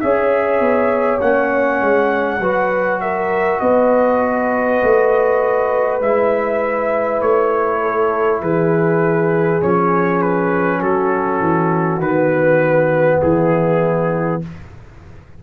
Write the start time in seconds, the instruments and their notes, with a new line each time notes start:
0.00 tuba C#4, trombone G#4, horn C#5, trumpet E5
0.60 tuba B3
1.20 tuba A#3, trombone C#4, trumpet F#5
1.81 tuba G#3
2.39 tuba F#3, trombone F#4, horn B4
3.00 horn A#4, trumpet E5
3.60 tuba B3, horn B4, trumpet D#5
4.82 tuba A3
6.01 tuba G#3, trombone E4, trumpet E5
7.21 tuba A3, trumpet C#5
7.82 horn A4
8.41 tuba E3, horn G#4, trumpet B4
9.61 tuba F3, trombone C#4, trumpet C#5
10.22 trumpet B4
10.79 tuba F#3, horn F#4, trumpet A4
11.40 tuba E3
11.98 tuba D#3, trombone B3, trumpet B4
13.21 tuba E3, horn E4, trumpet G#4